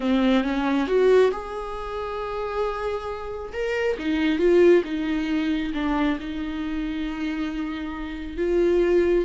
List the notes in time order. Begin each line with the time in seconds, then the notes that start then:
0.00 C4
0.43 C#4
0.87 F#4
1.31 G#4
3.52 A#4
3.98 D#4
4.38 F4
4.84 D#4
5.74 D4
6.19 D#4
8.37 F4